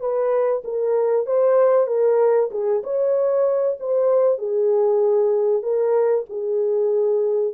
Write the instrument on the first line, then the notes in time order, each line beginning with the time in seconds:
horn
0.00 B4
0.64 A#4
1.26 C5
1.87 A#4
2.51 G#4
2.83 C#5
3.80 C5
4.38 G#4
5.62 A#4
6.29 G#4